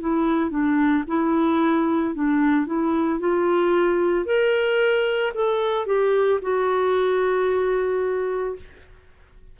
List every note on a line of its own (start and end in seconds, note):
0.00 0.50 E4
0.50 1.03 D4
1.07 2.14 E4
2.14 2.66 D4
2.66 3.19 E4
3.19 4.25 F4
4.25 5.32 A#4
5.34 5.86 A4
5.86 6.39 G4
6.41 8.56 F#4